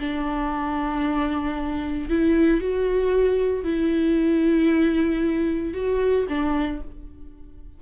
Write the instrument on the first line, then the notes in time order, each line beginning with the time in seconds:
viola
0.00 D4
2.10 E4
2.61 F#4
3.64 E4
5.74 F#4
6.29 D4